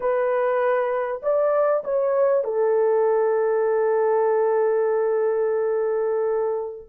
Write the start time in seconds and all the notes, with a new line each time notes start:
0.00 B4
1.22 D5
1.83 C#5
2.44 A4